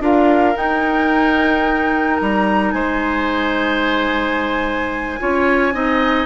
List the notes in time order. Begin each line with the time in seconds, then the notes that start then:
0.00 D4 F4 A#4 F5
0.54 D#4 G5
2.16 G3 A#5
2.71 G#3 C5 G#5
5.19 C#4 F4 C#5
5.72 C4 D#4 D#5